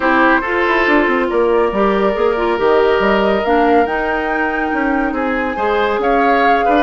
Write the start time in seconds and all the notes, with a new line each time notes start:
0.00 C4 E4 G4 C5
0.40 F4 A4
0.67 E4
0.87 D4
1.07 C4
1.29 A#3 A#4 D5
1.72 G3 G4
2.13 A#3 G#4
2.36 F4
2.57 D#3 G4 D#5
2.99 G3
3.43 A#3 D4 F5
3.85 D#4 G5
4.73 C#4
5.12 C4 G#4 G#5
5.56 G#3 G#4 C5
5.98 C#4 C#5 F5
6.65 D4 B4